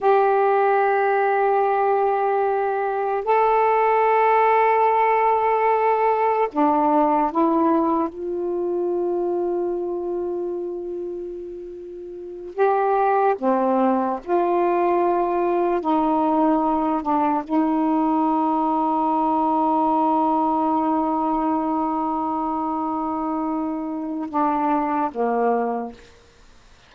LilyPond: \new Staff \with { instrumentName = "saxophone" } { \time 4/4 \tempo 4 = 74 g'1 | a'1 | d'4 e'4 f'2~ | f'2.~ f'8 g'8~ |
g'8 c'4 f'2 dis'8~ | dis'4 d'8 dis'2~ dis'8~ | dis'1~ | dis'2 d'4 ais4 | }